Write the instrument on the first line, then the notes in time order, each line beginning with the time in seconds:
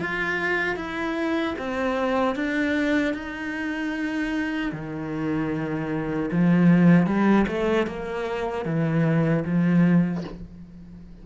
cello
0.00 F4
0.76 E4
1.58 C4
2.35 D4
3.14 D#4
4.72 D#3
6.31 F3
7.06 G3
7.47 A3
7.87 A#3
8.65 E3
9.45 F3